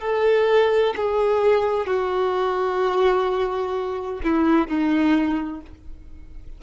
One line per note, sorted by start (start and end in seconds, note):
0.00 0.94 A4
0.96 1.86 G#4
1.86 4.21 F#4
4.24 4.67 E4
4.67 5.61 D#4